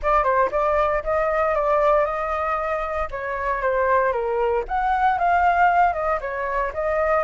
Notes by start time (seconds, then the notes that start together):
0.02 D5
0.23 C5
0.51 D5
1.03 D#5
1.54 D5
2.05 D#5
3.10 C#5
3.61 C5
4.12 A#4
4.68 F#5
5.18 F5
5.93 D#5
6.20 C#5
6.73 D#5